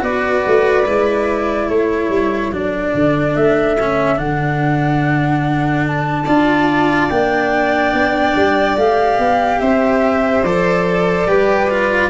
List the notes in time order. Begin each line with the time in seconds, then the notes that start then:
0.00 B3 F#4 B4 D5
0.46 A3
0.85 G#3 E4
1.68 A3 A4 C#5
2.09 G3
2.51 F#3 D4 D5
2.94 D3
3.36 A3 E5
3.80 C#4
4.16 D3 D4 F#5
5.86 A5
6.25 D4 F4 D5
7.10 A#3 D4 G5
7.93 B3
8.35 G3
8.76 A3 G4 F5
9.18 B3
9.60 C4 C5 E5
10.43 F3 A4 D5
11.26 G3 G4 B4
11.70 F4